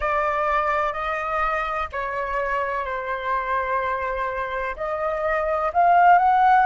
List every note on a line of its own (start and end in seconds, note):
0.00 0.92 D5
0.92 1.87 D#5
1.92 2.85 C#5
2.85 4.75 C5
4.76 5.71 D#5
5.73 6.18 F5
6.18 6.65 F#5